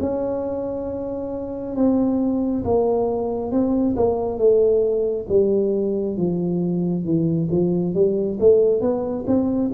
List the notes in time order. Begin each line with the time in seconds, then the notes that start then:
0.00 C#4
1.75 C4
2.64 A#3
3.51 C4
3.96 A#3
4.38 A3
5.29 G3
6.17 F3
7.05 E3
7.51 F3
7.94 G3
8.39 A3
8.81 B3
9.27 C4